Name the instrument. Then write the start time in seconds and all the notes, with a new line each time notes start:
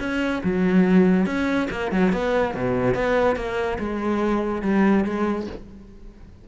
cello
0.00 C#4
0.44 F#3
1.26 C#4
1.71 A#3
1.92 F#3
2.13 B3
2.55 B2
2.94 B3
3.36 A#3
3.79 G#3
4.62 G3
5.05 G#3